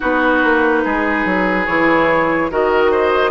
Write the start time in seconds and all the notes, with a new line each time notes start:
0.00 B3 D#4 F#4 B4
0.44 A#3
0.84 G#3 G#4
1.25 F#3
1.66 E3 E4 C#5
2.50 D#3 F#4 A#4 D#5
2.91 C5